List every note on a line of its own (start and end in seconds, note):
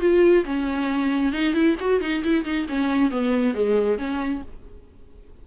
0.00 0.44 F4
0.45 1.32 C#4
1.32 1.54 D#4
1.54 1.76 E4
1.80 2.01 F#4
2.01 2.23 D#4
2.24 2.44 E4
2.44 2.67 D#4
2.69 3.11 C#4
3.11 3.54 B3
3.54 3.98 G#3
3.98 4.42 C#4